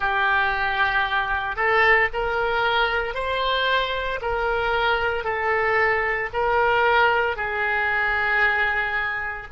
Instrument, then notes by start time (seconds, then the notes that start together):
oboe
0.00 G4
1.56 A4
2.13 A#4
3.14 C5
4.21 A#4
5.23 A4
6.33 A#4
7.36 G#4